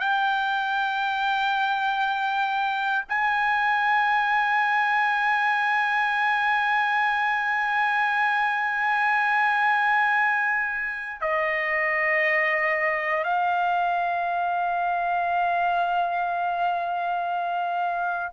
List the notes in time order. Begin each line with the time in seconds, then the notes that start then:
0.00 G5
3.09 G#5
11.21 D#5
13.24 F5